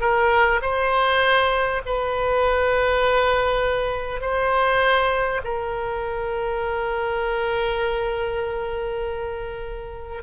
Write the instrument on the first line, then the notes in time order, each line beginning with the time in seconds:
oboe
0.00 A#4
0.61 C5
1.85 B4
4.21 C5
5.44 A#4